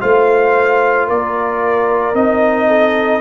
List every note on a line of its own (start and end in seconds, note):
0.00 1.09 A3
0.00 2.14 F4
0.00 1.07 C5
0.00 1.08 F5
1.07 2.14 A#3
1.07 2.67 A#4
1.07 2.15 D5
2.14 3.21 C4
2.14 3.21 D#4
2.14 3.21 D#5
2.67 3.21 A4